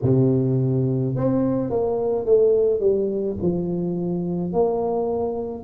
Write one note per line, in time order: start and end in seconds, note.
0.02 1.15 C3
1.15 1.70 C4
1.70 2.25 A#3
2.25 2.80 A3
2.80 3.37 G3
3.42 4.52 F3
4.52 5.63 A#3